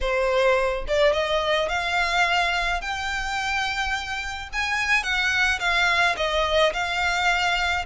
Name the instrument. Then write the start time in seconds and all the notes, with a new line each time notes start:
violin
0.01 C5
0.87 D5
1.12 D#5
1.68 F5
2.81 G5
4.53 G#5
5.03 F#5
5.59 F5
6.17 D#5
6.73 F5